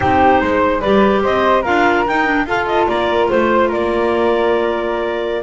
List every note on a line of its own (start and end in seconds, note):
0.00 0.41 C4
0.00 0.81 D#4
0.00 0.40 G4
0.00 0.80 C5
0.40 0.82 G#3
0.40 0.80 C5
0.80 1.24 G3
0.80 1.64 G4
0.80 1.21 B4
0.80 1.21 D5
1.22 1.65 C4
1.22 1.61 C5
1.22 1.64 D#5
1.61 2.07 D4
1.61 2.05 F4
1.61 2.44 A#4
1.61 2.05 F5
2.06 2.45 D#4
2.06 2.25 D#4
2.06 2.47 G5
2.25 2.46 D4
2.45 2.86 F4
2.45 5.43 F4
2.45 2.89 A4
2.45 2.66 F5
2.66 2.86 D#5
2.87 3.29 A#3
2.87 3.30 A#4
2.87 3.28 D5
3.28 3.73 A3
3.28 3.69 C5
3.28 3.68 C5
3.68 5.43 A#3
3.68 5.43 A#4
3.68 5.43 D5